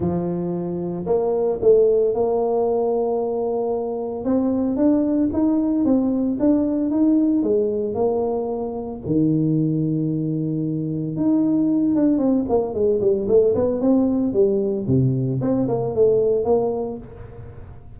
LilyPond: \new Staff \with { instrumentName = "tuba" } { \time 4/4 \tempo 4 = 113 f2 ais4 a4 | ais1 | c'4 d'4 dis'4 c'4 | d'4 dis'4 gis4 ais4~ |
ais4 dis2.~ | dis4 dis'4. d'8 c'8 ais8 | gis8 g8 a8 b8 c'4 g4 | c4 c'8 ais8 a4 ais4 | }